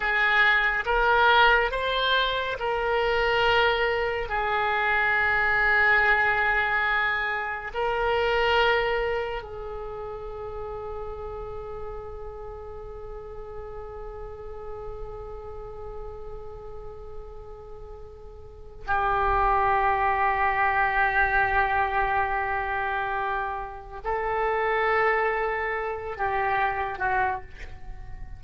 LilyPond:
\new Staff \with { instrumentName = "oboe" } { \time 4/4 \tempo 4 = 70 gis'4 ais'4 c''4 ais'4~ | ais'4 gis'2.~ | gis'4 ais'2 gis'4~ | gis'1~ |
gis'1~ | gis'2 g'2~ | g'1 | a'2~ a'8 g'4 fis'8 | }